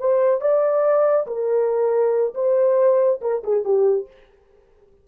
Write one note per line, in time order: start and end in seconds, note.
0.00 0.41 C5
0.41 1.27 D5
1.27 2.35 A#4
2.35 3.20 C5
3.22 3.43 A#4
3.44 3.65 G#4
3.65 4.08 G4